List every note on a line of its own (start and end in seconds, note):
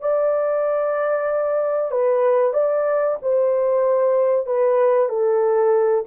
0.00 1.91 D5
1.91 2.53 B4
2.53 3.17 D5
3.22 4.46 C5
4.46 5.09 B4
5.09 6.04 A4